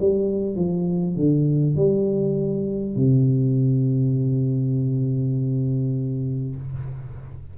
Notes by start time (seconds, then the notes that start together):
0.00 G3
0.56 F3
1.16 D3
1.76 G3
2.96 C3